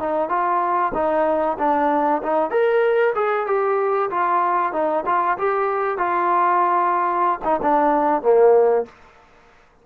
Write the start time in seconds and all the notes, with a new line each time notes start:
0.00 D#4
0.29 F4
0.94 D#4
1.58 D4
2.23 D#4
2.51 A#4
3.15 G#4
3.47 G4
4.11 F4
4.73 D#4
5.06 F4
5.38 G4
5.98 F4
7.44 D#4
7.62 D4
8.22 A#3